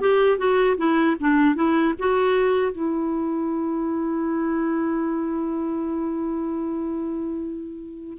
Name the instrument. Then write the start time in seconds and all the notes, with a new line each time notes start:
clarinet
0.00 G4
0.38 F#4
0.77 E4
1.20 D4
1.55 E4
1.99 F#4
2.72 E4